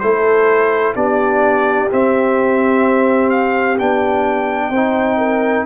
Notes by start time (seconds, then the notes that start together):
0.00 A3 E4 A4 C5
0.95 B3 D4 G4 D5
1.90 C4 E5
3.30 F5
3.79 B3 D4 G5
4.70 C4 C5
4.76 D#4
5.18 A#4